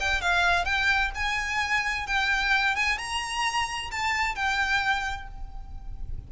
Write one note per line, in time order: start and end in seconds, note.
0.00 0.21 G5
0.21 0.65 F5
0.65 1.11 G5
1.15 2.07 G#5
2.07 2.76 G5
2.76 2.98 G#5
2.98 3.90 A#5
3.91 4.35 A5
4.35 5.28 G5